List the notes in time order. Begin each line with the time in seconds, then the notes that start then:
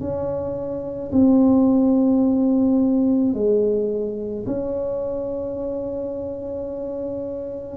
0.00 C#4
1.12 C4
3.34 G#3
4.46 C#4